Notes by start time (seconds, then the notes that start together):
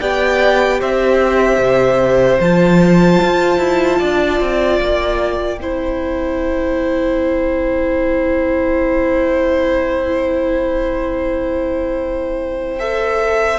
0.00 B3 G4 D5 G5
0.81 C4 C5 E5
1.58 C3
2.40 F3 F4 A5
3.22 F4
3.58 E4
3.99 D4 D5
4.41 C4
4.79 A#3 G5
5.60 C4 E4 C5
12.79 A4 E5